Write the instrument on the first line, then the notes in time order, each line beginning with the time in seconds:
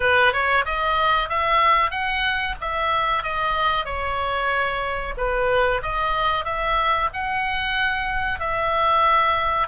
oboe
0.00 B4
0.32 C#5
0.65 D#5
1.29 E5
1.90 F#5
2.60 E5
3.23 D#5
3.85 C#5
5.17 B4
5.82 D#5
6.45 E5
7.13 F#5
8.39 E5